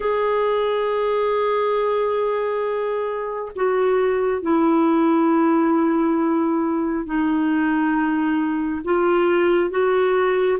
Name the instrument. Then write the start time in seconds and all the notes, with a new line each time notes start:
clarinet
0.00 G#4
3.55 F#4
4.42 E4
7.05 D#4
8.84 F4
9.70 F#4